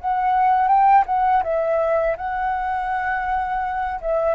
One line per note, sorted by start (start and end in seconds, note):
0.00 0.68 F#5
0.68 1.04 G5
1.06 1.43 F#5
1.43 2.17 E5
2.17 4.00 F#5
4.01 4.35 E5